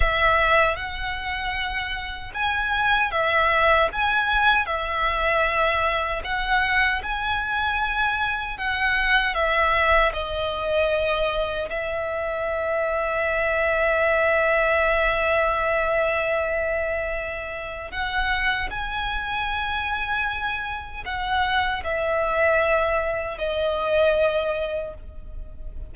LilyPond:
\new Staff \with { instrumentName = "violin" } { \time 4/4 \tempo 4 = 77 e''4 fis''2 gis''4 | e''4 gis''4 e''2 | fis''4 gis''2 fis''4 | e''4 dis''2 e''4~ |
e''1~ | e''2. fis''4 | gis''2. fis''4 | e''2 dis''2 | }